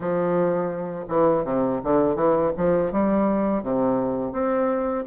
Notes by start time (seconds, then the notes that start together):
0.00 F3
1.08 E3
1.44 C3
1.83 D3
2.15 E3
2.56 F3
2.92 G3
3.62 C3
4.32 C4